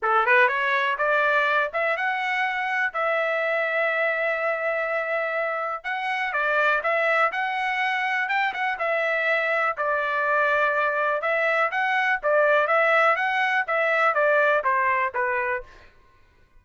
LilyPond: \new Staff \with { instrumentName = "trumpet" } { \time 4/4 \tempo 4 = 123 a'8 b'8 cis''4 d''4. e''8 | fis''2 e''2~ | e''1 | fis''4 d''4 e''4 fis''4~ |
fis''4 g''8 fis''8 e''2 | d''2. e''4 | fis''4 d''4 e''4 fis''4 | e''4 d''4 c''4 b'4 | }